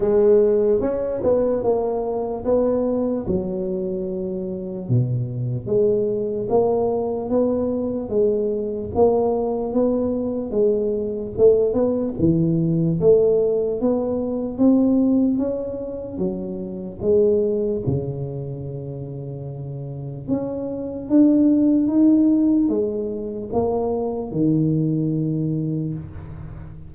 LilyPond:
\new Staff \with { instrumentName = "tuba" } { \time 4/4 \tempo 4 = 74 gis4 cis'8 b8 ais4 b4 | fis2 b,4 gis4 | ais4 b4 gis4 ais4 | b4 gis4 a8 b8 e4 |
a4 b4 c'4 cis'4 | fis4 gis4 cis2~ | cis4 cis'4 d'4 dis'4 | gis4 ais4 dis2 | }